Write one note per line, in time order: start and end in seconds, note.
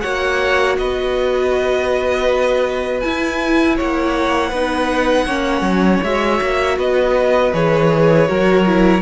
0.00 0.78 A#3
0.00 3.02 F#4
0.00 0.76 C#5
0.00 0.75 F#5
0.78 3.03 B3
0.78 3.76 B4
0.78 3.00 D#5
3.00 4.52 E4
3.00 3.78 E4
3.00 3.75 G#5
3.76 4.51 A#3
3.76 4.49 C#5
3.76 6.03 F#5
4.49 5.26 B3
4.49 5.28 D#4
4.49 5.24 B4
5.25 5.61 A#3
5.25 6.03 C#4
5.25 6.75 C#5
5.61 5.98 F#3
6.02 6.40 G#3
6.02 7.53 F#4
6.02 6.78 E5
6.41 6.78 A#3
6.78 7.53 B3
6.78 8.28 B4
6.78 7.53 D#5
7.53 8.28 E3
7.53 8.27 G#4
7.53 9.01 C#5
8.27 9.01 F#3
8.27 8.65 F#4
8.27 9.01 A#4
8.65 9.01 E4